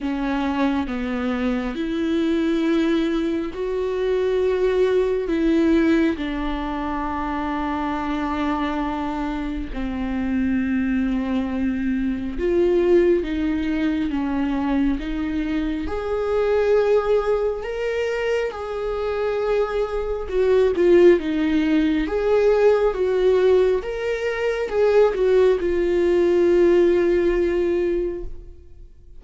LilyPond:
\new Staff \with { instrumentName = "viola" } { \time 4/4 \tempo 4 = 68 cis'4 b4 e'2 | fis'2 e'4 d'4~ | d'2. c'4~ | c'2 f'4 dis'4 |
cis'4 dis'4 gis'2 | ais'4 gis'2 fis'8 f'8 | dis'4 gis'4 fis'4 ais'4 | gis'8 fis'8 f'2. | }